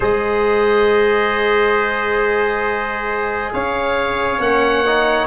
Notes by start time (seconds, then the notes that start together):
0.00 G#3 G#4 C5 D#5
3.53 C#4 C#5 F5
4.38 A#3 C#4 F#5
4.86 D#4